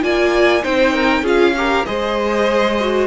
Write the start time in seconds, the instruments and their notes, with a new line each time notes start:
0.00 cello A#3, viola F4, violin D5 G#5
0.62 cello C4, viola D#4, violin C5 G5
0.93 violin A#4
1.22 cello C#4, viola F4, violin G#4 F5
1.56 viola G4, violin A#4
1.85 cello G#3, viola G#4, violin C5 D#5
2.80 viola F#4